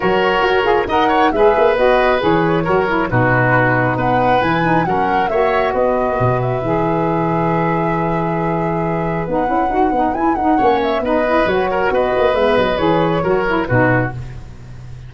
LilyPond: <<
  \new Staff \with { instrumentName = "flute" } { \time 4/4 \tempo 4 = 136 cis''2 fis''4 e''4 | dis''4 cis''2 b'4~ | b'4 fis''4 gis''4 fis''4 | e''4 dis''4. e''4.~ |
e''1~ | e''4 fis''2 gis''8 fis''8~ | fis''8 e''8 dis''4 cis''4 dis''4 | e''8 dis''8 cis''2 b'4 | }
  \new Staff \with { instrumentName = "oboe" } { \time 4/4 ais'2 dis''8 cis''8 b'4~ | b'2 ais'4 fis'4~ | fis'4 b'2 ais'4 | cis''4 b'2.~ |
b'1~ | b'1 | cis''4 b'4. ais'8 b'4~ | b'2 ais'4 fis'4 | }
  \new Staff \with { instrumentName = "saxophone" } { \time 4/4 fis'4. gis'8 ais'4 gis'4 | fis'4 gis'4 fis'8 e'8 dis'4~ | dis'2 e'8 dis'8 cis'4 | fis'2. gis'4~ |
gis'1~ | gis'4 dis'8 e'8 fis'8 dis'8 e'8 dis'8 | cis'4 dis'8 e'8 fis'2 | b4 gis'4 fis'8 e'8 dis'4 | }
  \new Staff \with { instrumentName = "tuba" } { \time 4/4 fis4 fis'8 f'8 dis'4 gis8 ais8 | b4 e4 fis4 b,4~ | b,4 b4 e4 fis4 | ais4 b4 b,4 e4~ |
e1~ | e4 b8 cis'8 dis'8 b8 e'8 dis'8 | ais4 b4 fis4 b8 ais8 | gis8 fis8 e4 fis4 b,4 | }
>>